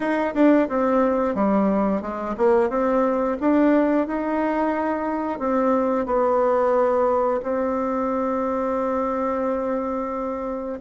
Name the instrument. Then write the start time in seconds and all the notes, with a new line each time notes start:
bassoon
0.00 D#4
0.34 D4
0.68 C4
1.35 G3
2.01 G#3
2.37 A#3
2.69 C4
3.40 D4
4.07 D#4
5.39 C4
6.06 B3
7.42 C4